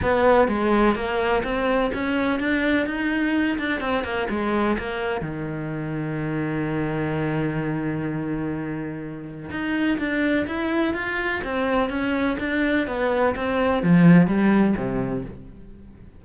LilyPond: \new Staff \with { instrumentName = "cello" } { \time 4/4 \tempo 4 = 126 b4 gis4 ais4 c'4 | cis'4 d'4 dis'4. d'8 | c'8 ais8 gis4 ais4 dis4~ | dis1~ |
dis1 | dis'4 d'4 e'4 f'4 | c'4 cis'4 d'4 b4 | c'4 f4 g4 c4 | }